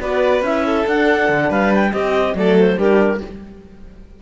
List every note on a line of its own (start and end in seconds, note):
0.00 0.42 B3
0.00 0.43 F#4
0.00 0.66 B4
0.00 0.44 D5
0.42 0.84 C#4
0.42 0.86 E4
0.42 0.87 E5
0.66 1.49 A4
0.86 1.93 D4
0.86 1.29 D4
0.86 1.52 F#5
1.29 1.50 D3
1.49 1.93 G3
1.49 1.92 B4
1.49 1.73 F5
1.74 1.93 G5
1.92 2.34 C4
1.92 2.35 C4
1.92 2.35 G4
1.92 2.36 D#5
2.34 2.77 F#3
2.34 2.78 A3
2.34 2.78 A4
2.34 2.58 D5
2.59 2.79 C5
2.78 3.21 G3
2.78 3.21 D4
2.78 3.21 G4
2.78 3.22 A#4